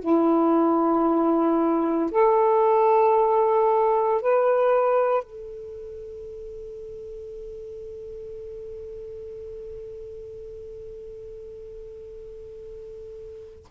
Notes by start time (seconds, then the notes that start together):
0.00 E4
2.11 A4
4.22 B4
5.23 A4